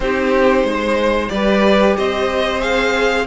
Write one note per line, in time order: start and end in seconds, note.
0.00 0.63 C4
0.00 1.30 D#4
0.00 0.66 G4
0.00 1.28 C5
0.63 1.29 G#3
0.63 1.31 C5
1.28 1.96 G3
1.28 2.60 G4
1.28 1.96 B4
1.28 1.94 D5
1.96 3.26 C4
1.96 3.26 C5
1.96 2.61 D#5
2.60 3.25 G#4
2.60 3.26 F5